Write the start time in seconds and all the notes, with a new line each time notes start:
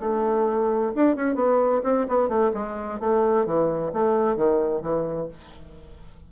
0.00 A3
0.96 D4
1.16 C#4
1.35 B3
1.84 C4
2.08 B3
2.29 A3
2.54 G#3
3.00 A3
3.46 E3
3.93 A3
4.37 D#3
4.82 E3